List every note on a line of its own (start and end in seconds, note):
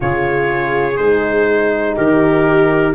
0.00 0.98 C#3
0.00 0.95 F4
0.00 1.95 G#4
0.00 0.97 C#5
0.97 1.97 G#3
0.97 2.94 D#4
0.97 1.95 C5
1.95 2.94 D#3
1.95 2.94 G4
1.95 2.94 A#4